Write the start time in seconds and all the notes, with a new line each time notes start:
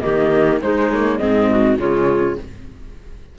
0.00 D#3 A#3 G4 D#5
0.60 G#3 D#4 C5
0.91 A#3 C#5
1.18 G#2 C4 G#4 D#5
1.50 F#4
1.78 C#3 G#3 F4 C#5